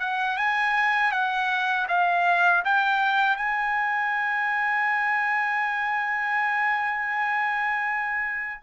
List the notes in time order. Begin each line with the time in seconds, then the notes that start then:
0.00 F#5
0.38 G#5
1.12 F#5
1.89 F5
2.65 G5
3.36 G#5